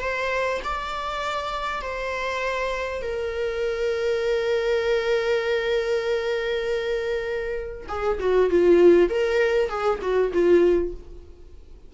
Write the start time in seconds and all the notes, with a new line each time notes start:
0.00 C5
0.64 D5
1.81 C5
3.02 A#4
7.88 G#4
8.19 F#4
8.50 F4
9.09 A#4
9.69 G#4
10.01 F#4
10.33 F4